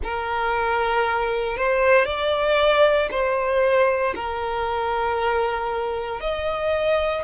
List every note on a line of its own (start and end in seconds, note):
0.03 1.57 A#4
1.57 2.05 C5
2.05 3.08 D5
3.10 4.14 C5
4.15 6.20 A#4
6.20 7.23 D#5